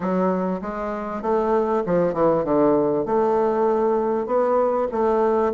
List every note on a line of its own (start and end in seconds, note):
0.00 0.61 F#3
0.61 1.21 G#3
1.21 1.83 A3
1.86 2.13 F3
2.13 2.44 E3
2.44 3.05 D3
3.05 4.26 A3
4.26 4.87 B3
4.91 5.52 A3